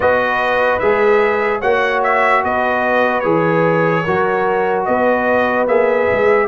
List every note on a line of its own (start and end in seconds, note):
0.00 0.80 B3
0.00 0.80 F#4
0.00 1.59 B4
0.00 0.79 D#5
0.79 1.62 G#3
0.79 1.62 G#4
0.79 1.60 E5
1.59 2.43 A#3
1.59 3.23 F#4
1.59 2.41 C#5
1.59 2.01 F#5
2.03 2.43 E5
2.44 3.24 B3
2.44 4.04 B4
2.44 3.19 D#5
3.19 4.05 E3
3.19 4.04 G#4
3.19 4.82 C#5
4.04 4.87 F#3
4.04 5.68 F#4
4.04 4.85 A#4
4.85 5.67 B3
4.85 6.47 B4
4.85 5.66 D#5
5.67 6.08 A#3
5.67 6.47 G#4
5.67 6.47 E5
6.12 6.47 G#3